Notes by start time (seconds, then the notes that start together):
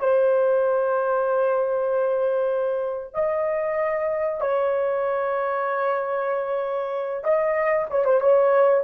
0.00 C5
3.15 D#5
4.41 C#5
7.24 D#5
7.90 C#5
8.05 C5
8.21 C#5